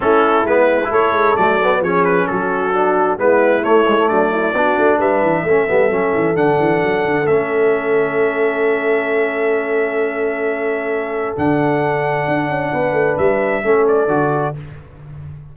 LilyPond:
<<
  \new Staff \with { instrumentName = "trumpet" } { \time 4/4 \tempo 4 = 132 a'4 b'4 cis''4 d''4 | cis''8 b'8 a'2 b'4 | cis''4 d''2 e''4~ | e''2 fis''2 |
e''1~ | e''1~ | e''4 fis''2.~ | fis''4 e''4. d''4. | }
  \new Staff \with { instrumentName = "horn" } { \time 4/4 e'2 a'2 | gis'4 fis'2 e'4~ | e'4 d'8 e'8 fis'4 b'4 | a'1~ |
a'1~ | a'1~ | a'1 | b'2 a'2 | }
  \new Staff \with { instrumentName = "trombone" } { \time 4/4 cis'4 b8. e'4~ e'16 a8 b8 | cis'2 d'4 b4 | a8 gis16 a4~ a16 d'2 | cis'8 b8 cis'4 d'2 |
cis'1~ | cis'1~ | cis'4 d'2.~ | d'2 cis'4 fis'4 | }
  \new Staff \with { instrumentName = "tuba" } { \time 4/4 a4 gis4 a8 gis8 fis4 | f4 fis2 gis4 | a4 fis4 b8 a8 g8 e8 | a8 g8 fis8 e8 d8 e8 fis8 d8 |
a1~ | a1~ | a4 d2 d'8 cis'8 | b8 a8 g4 a4 d4 | }
>>